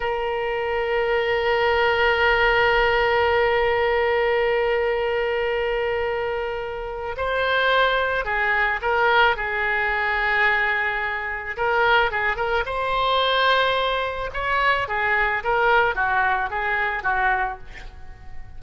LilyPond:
\new Staff \with { instrumentName = "oboe" } { \time 4/4 \tempo 4 = 109 ais'1~ | ais'1~ | ais'1~ | ais'4 c''2 gis'4 |
ais'4 gis'2.~ | gis'4 ais'4 gis'8 ais'8 c''4~ | c''2 cis''4 gis'4 | ais'4 fis'4 gis'4 fis'4 | }